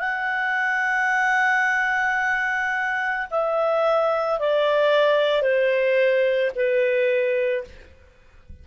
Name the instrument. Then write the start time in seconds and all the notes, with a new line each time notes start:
clarinet
0.00 F#5
3.31 E5
4.40 D5
5.42 C5
6.56 B4